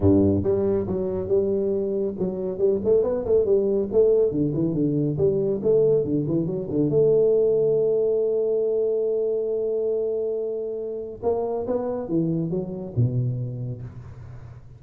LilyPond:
\new Staff \with { instrumentName = "tuba" } { \time 4/4 \tempo 4 = 139 g,4 g4 fis4 g4~ | g4 fis4 g8 a8 b8 a8 | g4 a4 d8 e8 d4 | g4 a4 d8 e8 fis8 d8 |
a1~ | a1~ | a2 ais4 b4 | e4 fis4 b,2 | }